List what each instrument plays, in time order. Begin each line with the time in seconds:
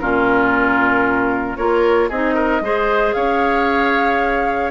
0.00 bassoon A#2, clarinet C#4, oboe F4, flute A#4
1.57 bassoon A#3, clarinet F4, oboe A#4, flute C#5
2.09 bassoon C4, clarinet D#4, oboe G#4, flute D#5
2.35 oboe A#4
2.61 bassoon G#3, clarinet G#4, oboe C5
3.14 bassoon C#4, oboe C#5, flute F5